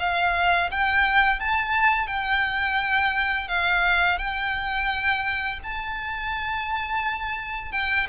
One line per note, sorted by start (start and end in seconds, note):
0.00 0.71 F5
0.71 1.41 G5
1.41 2.08 A5
2.08 3.49 G5
3.49 4.19 F5
4.19 5.60 G5
5.64 7.72 A5
7.72 8.08 G5